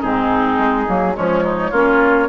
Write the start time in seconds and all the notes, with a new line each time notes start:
0.00 G#2 C4 D#4 G#4
0.58 G#3
0.87 F#3 A#3
1.13 F3 G#3 C#4 C#5
1.43 D#4
1.71 A#3 C#4 F4